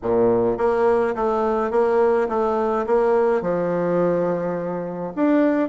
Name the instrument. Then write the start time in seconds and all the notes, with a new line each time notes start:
bassoon
0.02 A#2
0.57 A#3
1.15 A3
1.70 A#3
2.28 A3
2.86 A#3
3.41 F3
5.15 D4